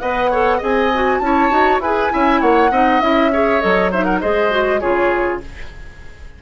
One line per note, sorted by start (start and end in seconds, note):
0.00 0.61 B3
0.00 0.31 B4
0.00 0.31 D#5
0.00 0.60 F#5
0.31 0.60 A4
0.31 0.58 C#5
0.58 1.20 C4
0.58 0.90 G#4
0.58 1.18 D#5
0.58 1.19 G#5
0.94 1.22 F#4
1.19 1.50 C#4
1.19 1.51 E4
1.19 1.79 A5
1.26 1.82 C#5
1.51 1.79 D#4
1.51 1.81 F#4
1.79 2.09 E4
1.79 2.10 G#4
1.79 2.12 B4
1.79 2.41 G#5
2.10 2.42 C#4
2.10 2.70 E4
2.10 2.41 E5
2.41 2.71 A#3
2.41 2.71 C#5
2.41 3.00 F#5
2.71 3.01 C4
2.71 3.02 D#4
2.71 3.31 D#5
3.00 3.62 C#4
3.00 3.32 E4
3.00 3.60 E5
3.33 3.61 G#4
3.33 3.91 C#5
3.61 4.23 F#3
3.61 3.91 A4
3.61 3.91 D#5
3.91 4.22 D#4
3.91 4.05 C5
3.91 4.04 E5
4.04 4.20 A#4
4.04 4.19 F#5
4.20 4.82 G#3
4.20 4.51 G#4
4.20 4.80 C5
4.20 4.80 D#5
4.51 4.81 F#4
4.80 5.42 C#3
4.80 5.41 F4
4.80 5.41 G#4
4.80 5.40 C#5